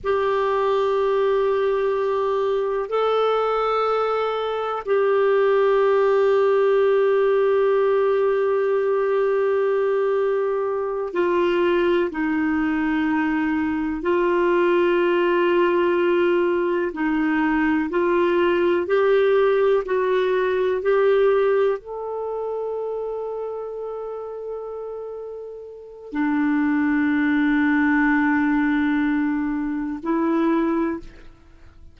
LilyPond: \new Staff \with { instrumentName = "clarinet" } { \time 4/4 \tempo 4 = 62 g'2. a'4~ | a'4 g'2.~ | g'2.~ g'8 f'8~ | f'8 dis'2 f'4.~ |
f'4. dis'4 f'4 g'8~ | g'8 fis'4 g'4 a'4.~ | a'2. d'4~ | d'2. e'4 | }